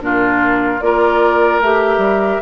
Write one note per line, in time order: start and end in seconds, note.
0.00 0.81 A#2
0.00 0.80 D4
0.00 0.84 F4
0.00 0.81 A#4
0.81 1.60 A#3
0.81 1.62 F4
0.81 2.42 A#4
0.81 1.61 D5
1.60 1.98 A3
1.60 2.42 G4
1.60 2.42 E5
1.98 2.38 G3